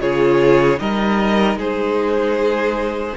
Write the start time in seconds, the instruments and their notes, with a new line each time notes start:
0.00 cello C#3, viola F4, violin G#4 C#5
0.77 cello G3, viola D#4, violin A#4 D#5
1.55 cello G#3, violin G#4 C5